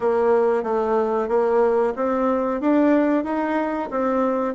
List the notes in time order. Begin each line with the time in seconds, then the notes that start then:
0.00 A#3
0.63 A3
1.28 A#3
1.96 C4
2.61 D4
3.23 D#4
3.90 C4